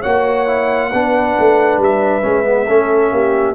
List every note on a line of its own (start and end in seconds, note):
0.00 0.92 A#3
0.00 0.47 F#4
0.00 0.88 C#5
0.00 1.78 F#5
0.47 0.91 E4
0.91 1.36 B3
0.91 2.22 D4
0.91 2.68 B4
1.38 1.77 A3
1.77 2.21 G3
1.77 3.55 E5
2.22 2.67 G#3
2.22 2.43 C#4
2.43 2.65 B3
2.67 3.11 A3
2.67 3.55 C#4
2.67 3.11 A4
3.11 3.55 A#3
3.11 3.55 G4